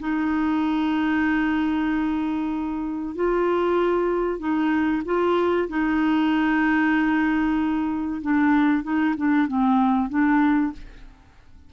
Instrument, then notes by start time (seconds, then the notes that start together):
clarinet
0.00 D#4
3.16 F4
4.39 D#4
5.06 F4
5.69 D#4
8.22 D4
8.83 D#4
9.17 D4
9.48 C4
10.10 D4